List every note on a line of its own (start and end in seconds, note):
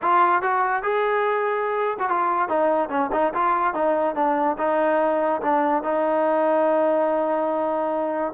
0.02 0.42 F4
0.42 0.83 F#4
0.83 1.97 G#4
1.99 2.09 F#4
2.09 2.48 F4
2.48 2.89 D#4
2.89 3.10 C#4
3.12 3.33 D#4
3.34 3.74 F4
3.74 4.15 D#4
4.15 4.56 D4
4.57 5.41 D#4
5.41 5.83 D4
5.83 8.33 D#4